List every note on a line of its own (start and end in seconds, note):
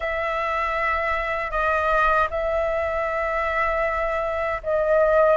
0.00 1.50 E5
1.50 2.27 D#5
2.30 4.61 E5
4.63 5.37 D#5